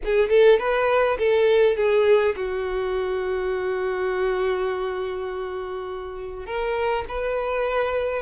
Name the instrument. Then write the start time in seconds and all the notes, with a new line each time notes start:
violin
0.04 G#4
0.29 A4
0.58 B4
1.18 A4
1.76 G#4
2.36 F#4
6.45 A#4
7.08 B4